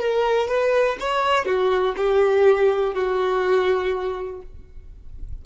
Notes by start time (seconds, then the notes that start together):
0.00 A#4
0.48 B4
1.00 C#5
1.46 F#4
1.97 G4
2.94 F#4